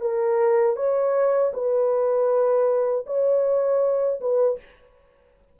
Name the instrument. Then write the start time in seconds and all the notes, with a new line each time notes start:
horn
0.00 A#4
0.76 C#5
1.53 B4
3.06 C#5
4.20 B4